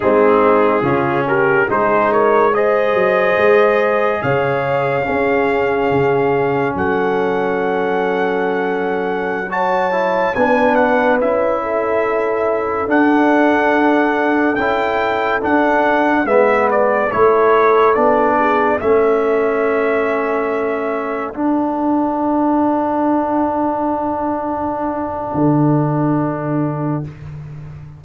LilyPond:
<<
  \new Staff \with { instrumentName = "trumpet" } { \time 4/4 \tempo 4 = 71 gis'4. ais'8 c''8 cis''8 dis''4~ | dis''4 f''2. | fis''2.~ fis''16 a''8.~ | a''16 gis''8 fis''8 e''2 fis''8.~ |
fis''4~ fis''16 g''4 fis''4 e''8 d''16~ | d''16 cis''4 d''4 e''4.~ e''16~ | e''4~ e''16 fis''2~ fis''8.~ | fis''1 | }
  \new Staff \with { instrumentName = "horn" } { \time 4/4 dis'4 f'8 g'8 gis'8 ais'8 c''4~ | c''4 cis''4 gis'2 | a'2.~ a'16 cis''8.~ | cis''16 b'4. a'2~ a'16~ |
a'2.~ a'16 b'8.~ | b'16 a'4. gis'8 a'4.~ a'16~ | a'1~ | a'1 | }
  \new Staff \with { instrumentName = "trombone" } { \time 4/4 c'4 cis'4 dis'4 gis'4~ | gis'2 cis'2~ | cis'2.~ cis'16 fis'8 e'16~ | e'16 d'4 e'2 d'8.~ |
d'4~ d'16 e'4 d'4 b8.~ | b16 e'4 d'4 cis'4.~ cis'16~ | cis'4~ cis'16 d'2~ d'8.~ | d'1 | }
  \new Staff \with { instrumentName = "tuba" } { \time 4/4 gis4 cis4 gis4. fis8 | gis4 cis4 cis'4 cis4 | fis1~ | fis16 b4 cis'2 d'8.~ |
d'4~ d'16 cis'4 d'4 gis8.~ | gis16 a4 b4 a4.~ a16~ | a4~ a16 d'2~ d'8.~ | d'2 d2 | }
>>